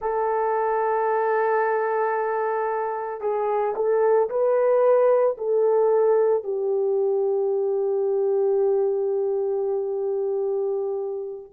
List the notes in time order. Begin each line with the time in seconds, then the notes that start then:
0.01 A4
3.20 G#4
3.75 A4
4.29 B4
5.37 A4
6.43 G4